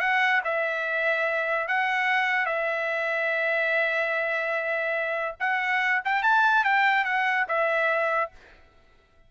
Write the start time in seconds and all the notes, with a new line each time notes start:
0.00 F#5
0.44 E5
1.68 F#5
2.46 E5
5.40 F#5
6.05 G5
6.23 A5
6.64 G5
7.05 F#5
7.48 E5